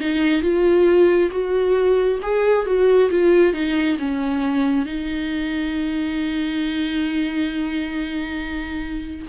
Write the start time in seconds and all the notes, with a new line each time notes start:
0.00 D#4
0.42 F4
1.31 F#4
2.23 G#4
2.66 F#4
3.10 F4
3.53 D#4
3.99 C#4
4.86 D#4